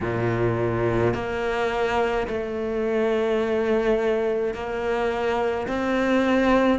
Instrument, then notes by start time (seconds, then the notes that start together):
cello
0.00 A#2
1.13 A#3
2.27 A3
4.54 A#3
5.67 C4